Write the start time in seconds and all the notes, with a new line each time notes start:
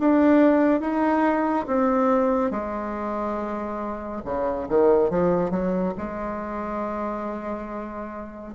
0.00 D4
0.81 D#4
1.67 C4
2.51 G#3
4.25 C#3
4.69 D#3
5.10 F3
5.51 F#3
5.98 G#3